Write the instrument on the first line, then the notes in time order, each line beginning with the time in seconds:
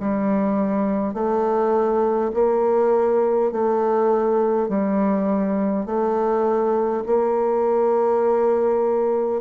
bassoon
0.00 G3
1.13 A3
2.34 A#3
3.52 A3
4.69 G3
5.86 A3
7.06 A#3